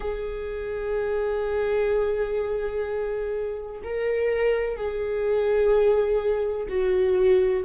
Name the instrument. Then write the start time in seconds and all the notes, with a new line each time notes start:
viola
0.00 G#4
3.83 A#4
4.76 G#4
6.68 F#4